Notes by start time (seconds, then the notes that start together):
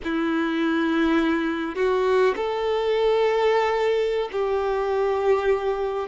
0.04 E4
1.75 F#4
2.36 A4
4.32 G4